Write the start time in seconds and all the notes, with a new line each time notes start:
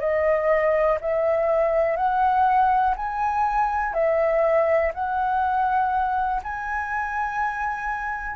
0.00 D#5
1.01 E5
1.96 F#5
2.96 G#5
3.93 E5
4.94 F#5
6.43 G#5